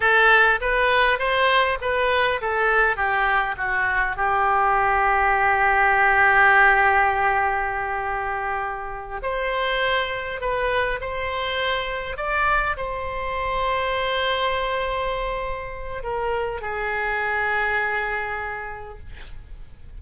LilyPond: \new Staff \with { instrumentName = "oboe" } { \time 4/4 \tempo 4 = 101 a'4 b'4 c''4 b'4 | a'4 g'4 fis'4 g'4~ | g'1~ | g'2.~ g'8 c''8~ |
c''4. b'4 c''4.~ | c''8 d''4 c''2~ c''8~ | c''2. ais'4 | gis'1 | }